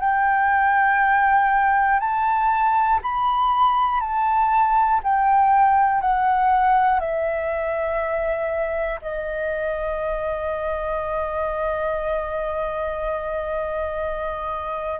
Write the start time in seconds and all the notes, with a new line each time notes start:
0.00 G5
2.00 A5
3.02 B5
4.01 A5
5.04 G5
6.01 F#5
7.00 E5
9.01 D#5